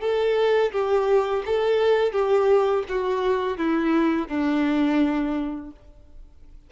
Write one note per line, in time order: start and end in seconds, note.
0.00 0.71 A4
0.72 1.43 G4
1.45 2.12 A4
2.12 2.83 G4
2.88 3.57 F#4
3.57 4.28 E4
4.28 5.70 D4